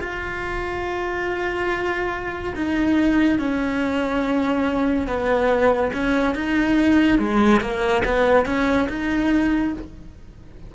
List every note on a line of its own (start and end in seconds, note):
0.00 2.54 F4
2.56 3.39 D#4
3.39 5.07 C#4
5.07 5.92 B3
5.93 6.35 C#4
6.35 7.18 D#4
7.18 7.61 G#3
7.61 8.03 A#3
8.05 8.46 B3
8.46 8.88 C#4
8.88 9.73 D#4